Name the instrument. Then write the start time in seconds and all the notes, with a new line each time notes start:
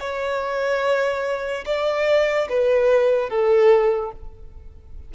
violin
0.00 C#5
1.66 D5
2.50 B4
3.30 A4